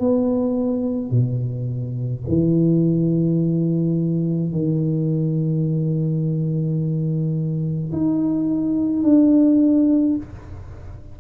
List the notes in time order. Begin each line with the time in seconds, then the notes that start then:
0.00 B3
1.11 B2
2.28 E3
4.52 D#3
7.92 D#4
9.04 D4